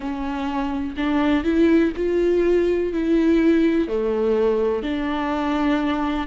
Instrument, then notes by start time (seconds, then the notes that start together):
viola
0.00 C#4
0.97 D4
1.43 E4
1.96 F4
2.93 E4
3.88 A3
4.83 D4